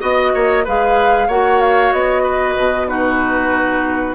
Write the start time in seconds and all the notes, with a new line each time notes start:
0.00 B3 F#4 D#5
0.34 A#3 C#5
0.64 G#3 G#4 B4 F5
1.28 A#3 F#4 C#5 F#5
1.61 F5
1.93 B3 D#5
2.23 B4
2.57 B2
2.87 D#4 F#4 B4